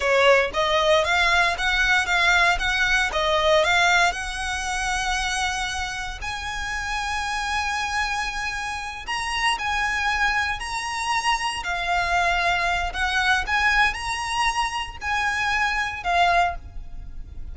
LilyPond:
\new Staff \with { instrumentName = "violin" } { \time 4/4 \tempo 4 = 116 cis''4 dis''4 f''4 fis''4 | f''4 fis''4 dis''4 f''4 | fis''1 | gis''1~ |
gis''4. ais''4 gis''4.~ | gis''8 ais''2 f''4.~ | f''4 fis''4 gis''4 ais''4~ | ais''4 gis''2 f''4 | }